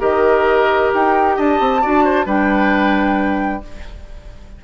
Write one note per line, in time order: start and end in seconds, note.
0.00 0.92 D#3
0.00 1.82 G4
0.00 1.37 A#4
0.00 0.93 D#5
0.94 1.38 D#4
0.94 1.39 G5
1.37 1.60 D4
1.37 1.82 D#5
1.37 2.28 A5
1.60 1.83 C4
1.82 2.26 D4
1.82 2.26 F#4
1.82 2.04 D5
2.05 2.26 C5
2.26 3.63 G3
2.26 3.62 D4
2.26 3.62 B4
2.26 3.65 G5